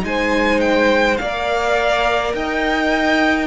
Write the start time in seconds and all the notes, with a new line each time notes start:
0.00 G#3 D#4 G#5
0.06 C5
0.60 G5
1.17 A#3 A#4 D5 F5
2.34 D#4 D#5 G5